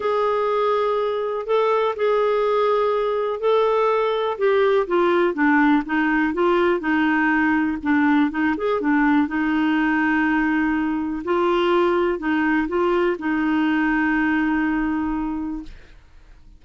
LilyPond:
\new Staff \with { instrumentName = "clarinet" } { \time 4/4 \tempo 4 = 123 gis'2. a'4 | gis'2. a'4~ | a'4 g'4 f'4 d'4 | dis'4 f'4 dis'2 |
d'4 dis'8 gis'8 d'4 dis'4~ | dis'2. f'4~ | f'4 dis'4 f'4 dis'4~ | dis'1 | }